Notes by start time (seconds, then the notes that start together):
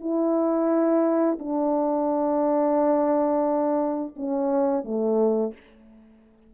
0.00 E4
1.39 D4
4.16 C#4
4.84 A3